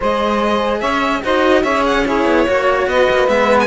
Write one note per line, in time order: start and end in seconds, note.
0.00 0.82 G#3
0.00 1.22 G#4
0.00 0.80 C5
0.00 0.80 D#5
0.80 1.23 C#4
0.80 1.21 C#5
0.80 1.21 E5
1.22 1.63 D#4
1.22 1.63 F#4
1.22 1.62 C5
1.22 1.62 D#5
1.62 2.25 C#4
1.62 2.05 G#4
1.62 2.03 C#5
1.62 1.83 E5
1.86 2.06 F#5
2.06 2.46 E4
2.06 2.47 G#4
2.06 2.88 C#5
2.25 2.45 B3
2.46 2.87 A#3
2.46 3.27 F#4
2.46 2.88 C#5
2.87 3.07 B3
2.87 3.66 B4
2.87 3.28 D#5
3.10 3.28 A#3
3.27 3.66 G#3
3.27 3.66 B3
3.27 3.59 E5
3.59 3.66 G#5